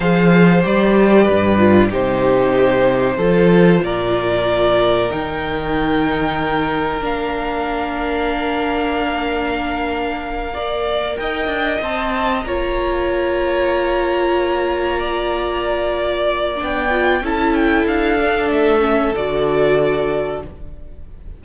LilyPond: <<
  \new Staff \with { instrumentName = "violin" } { \time 4/4 \tempo 4 = 94 f''4 d''2 c''4~ | c''2 d''2 | g''2. f''4~ | f''1~ |
f''4. g''4 a''4 ais''8~ | ais''1~ | ais''2 g''4 a''8 g''8 | f''4 e''4 d''2 | }
  \new Staff \with { instrumentName = "violin" } { \time 4/4 c''2 b'4 g'4~ | g'4 a'4 ais'2~ | ais'1~ | ais'1~ |
ais'8 d''4 dis''2 cis''8~ | cis''2.~ cis''8 d''8~ | d''2. a'4~ | a'1 | }
  \new Staff \with { instrumentName = "viola" } { \time 4/4 gis'4 g'4. f'8 dis'4~ | dis'4 f'2. | dis'2. d'4~ | d'1~ |
d'8 ais'2 c''4 f'8~ | f'1~ | f'2 d'8 f'8 e'4~ | e'8 d'4 cis'8 fis'2 | }
  \new Staff \with { instrumentName = "cello" } { \time 4/4 f4 g4 g,4 c4~ | c4 f4 ais,2 | dis2. ais4~ | ais1~ |
ais4. dis'8 d'8 c'4 ais8~ | ais1~ | ais2 b4 cis'4 | d'4 a4 d2 | }
>>